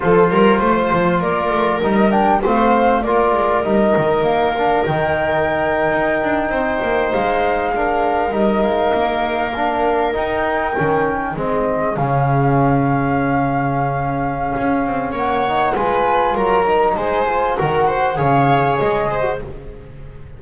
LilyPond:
<<
  \new Staff \with { instrumentName = "flute" } { \time 4/4 \tempo 4 = 99 c''2 d''4 dis''8 g''8 | f''4 d''4 dis''4 f''4 | g''2.~ g''8. f''16~ | f''4.~ f''16 dis''8 f''4.~ f''16~ |
f''8. g''2 dis''4 f''16~ | f''1~ | f''4 fis''4 gis''4 ais''4 | gis''4 fis''4 f''4 dis''4 | }
  \new Staff \with { instrumentName = "viola" } { \time 4/4 a'8 ais'8 c''4 ais'2 | c''4 ais'2.~ | ais'2~ ais'8. c''4~ c''16~ | c''8. ais'2.~ ais'16~ |
ais'2~ ais'8. gis'4~ gis'16~ | gis'1~ | gis'4 cis''4 b'4 ais'4 | c''4 ais'8 c''8 cis''4. c''8 | }
  \new Staff \with { instrumentName = "trombone" } { \time 4/4 f'2. dis'8 d'8 | c'4 f'4 dis'4. d'8 | dis'1~ | dis'8. d'4 dis'2 d'16~ |
d'8. dis'4 cis'4 c'4 cis'16~ | cis'1~ | cis'4. dis'8 f'4. dis'8~ | dis'8 f'8 fis'4 gis'4.~ gis'16 fis'16 | }
  \new Staff \with { instrumentName = "double bass" } { \time 4/4 f8 g8 a8 f8 ais8 a8 g4 | a4 ais8 gis8 g8 dis8 ais4 | dis4.~ dis16 dis'8 d'8 c'8 ais8 gis16~ | gis4.~ gis16 g8 gis8 ais4~ ais16~ |
ais8. dis'4 dis4 gis4 cis16~ | cis1 | cis'8 c'8 ais4 gis4 fis4 | gis4 dis4 cis4 gis4 | }
>>